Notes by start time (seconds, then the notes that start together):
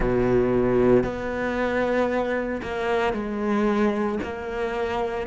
0.00 B2
1.03 B3
2.62 A#3
3.13 G#3
4.23 A#3